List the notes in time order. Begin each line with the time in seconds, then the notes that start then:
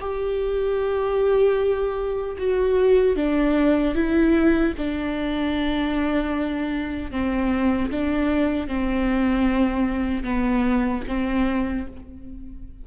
0.00 G4
2.38 F#4
3.16 D4
3.95 E4
4.77 D4
7.11 C4
7.91 D4
8.67 C4
10.23 B3
11.08 C4